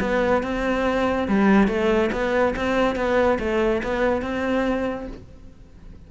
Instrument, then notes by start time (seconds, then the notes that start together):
cello
0.00 B3
0.42 C4
1.27 G3
1.67 A3
2.12 B3
2.56 C4
2.95 B3
3.39 A3
3.83 B3
4.22 C4